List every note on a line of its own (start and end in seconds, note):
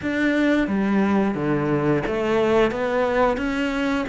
0.02 0.67 D4
0.67 1.34 G3
1.34 2.02 D3
2.06 2.71 A3
2.71 3.37 B3
3.37 4.05 C#4